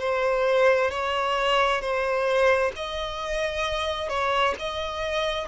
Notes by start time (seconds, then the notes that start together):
0.00 C5
0.91 C#5
1.81 C5
2.76 D#5
4.10 C#5
4.59 D#5